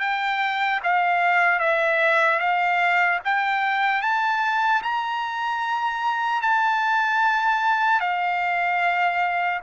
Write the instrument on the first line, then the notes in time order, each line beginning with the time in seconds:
trumpet
0.00 G5
0.83 F5
1.59 E5
2.39 F5
3.24 G5
4.01 A5
4.82 A#5
6.41 A5
8.00 F5